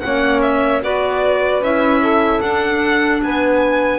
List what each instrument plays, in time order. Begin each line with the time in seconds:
0.00 double bass A#3, clarinet C#4, saxophone C#5, violin F#5
0.42 violin E5
0.82 double bass B3, clarinet F#4, saxophone B4, violin D5
1.60 double bass C#4, clarinet E4, violin E5
2.01 saxophone A4
2.41 double bass D4, clarinet D4, violin F#5
3.22 double bass B3, saxophone B4, violin G#5